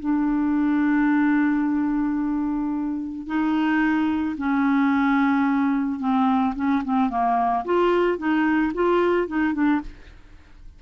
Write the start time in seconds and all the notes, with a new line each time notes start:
0.00 D4
3.27 D#4
4.38 C#4
6.00 C4
6.56 C#4
6.85 C4
7.10 A#3
7.65 F4
8.18 D#4
8.74 F4
9.28 D#4
9.54 D4